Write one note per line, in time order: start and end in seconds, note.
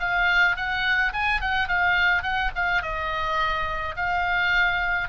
0.00 0.56 F5
0.56 1.13 F#5
1.13 1.41 G#5
1.41 1.68 F#5
1.68 2.23 F5
2.23 2.51 F#5
2.56 2.83 F5
2.83 3.96 D#5
3.97 5.09 F5